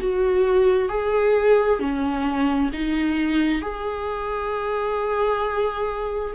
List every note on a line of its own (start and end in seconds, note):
0.00 0.89 F#4
0.89 1.80 G#4
1.80 2.71 C#4
2.73 3.62 D#4
3.62 6.35 G#4